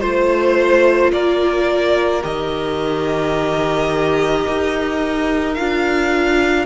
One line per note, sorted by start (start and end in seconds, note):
0.00 1.12 A3
0.00 2.22 F4
0.00 1.11 C5
1.12 2.23 A#3
1.12 6.66 A#4
1.12 2.23 D5
2.22 4.47 D#3
2.22 5.55 G4
2.22 5.54 D#5
4.47 5.58 D#4
5.54 6.66 D4
5.54 6.66 F4
5.54 6.65 F5